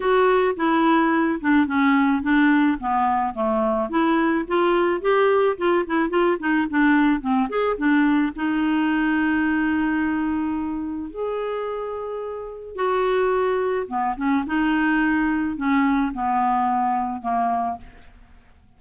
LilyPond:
\new Staff \with { instrumentName = "clarinet" } { \time 4/4 \tempo 4 = 108 fis'4 e'4. d'8 cis'4 | d'4 b4 a4 e'4 | f'4 g'4 f'8 e'8 f'8 dis'8 | d'4 c'8 gis'8 d'4 dis'4~ |
dis'1 | gis'2. fis'4~ | fis'4 b8 cis'8 dis'2 | cis'4 b2 ais4 | }